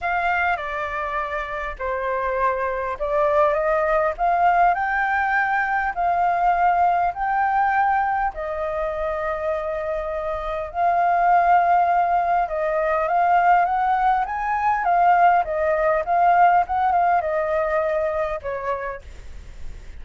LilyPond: \new Staff \with { instrumentName = "flute" } { \time 4/4 \tempo 4 = 101 f''4 d''2 c''4~ | c''4 d''4 dis''4 f''4 | g''2 f''2 | g''2 dis''2~ |
dis''2 f''2~ | f''4 dis''4 f''4 fis''4 | gis''4 f''4 dis''4 f''4 | fis''8 f''8 dis''2 cis''4 | }